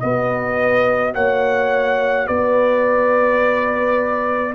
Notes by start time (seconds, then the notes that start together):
0.00 B3 F#4 B4 D#5
1.15 A#3 C#5 F#5
2.27 B3 B4 D5